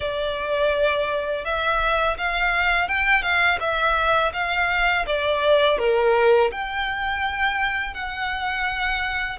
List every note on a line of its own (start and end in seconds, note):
0.00 1.45 D5
1.45 2.17 E5
2.17 2.88 F5
2.88 3.22 G5
3.22 3.58 F5
3.59 4.32 E5
4.33 5.05 F5
5.06 5.78 D5
5.78 6.50 A#4
6.51 7.94 G5
7.94 9.38 F#5